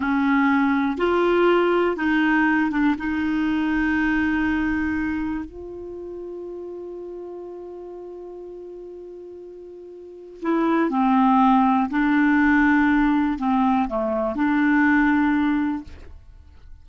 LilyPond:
\new Staff \with { instrumentName = "clarinet" } { \time 4/4 \tempo 4 = 121 cis'2 f'2 | dis'4. d'8 dis'2~ | dis'2. f'4~ | f'1~ |
f'1~ | f'4 e'4 c'2 | d'2. c'4 | a4 d'2. | }